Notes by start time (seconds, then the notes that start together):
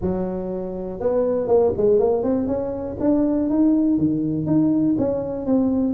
0.01 F#3
1.00 B3
1.47 A#3
1.76 G#3
1.99 A#3
2.23 C4
2.47 C#4
3.00 D4
3.49 D#4
3.98 D#3
4.46 D#4
4.98 C#4
5.46 C4